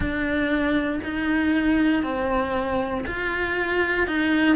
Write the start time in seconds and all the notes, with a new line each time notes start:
0.00 D4
1.03 D#4
2.03 C4
3.06 F4
4.07 D#4